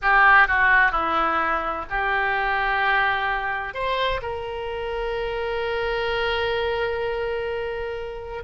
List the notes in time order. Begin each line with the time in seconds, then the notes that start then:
0.01 G4
0.47 F#4
0.91 E4
1.89 G4
3.74 C5
4.22 A#4